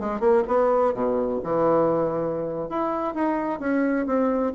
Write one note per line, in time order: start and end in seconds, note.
0.00 0.21 G#3
0.21 0.44 A#3
0.48 0.95 B3
0.95 1.41 B2
1.44 2.70 E3
2.70 3.15 E4
3.15 3.60 D#4
3.60 4.07 C#4
4.07 4.53 C4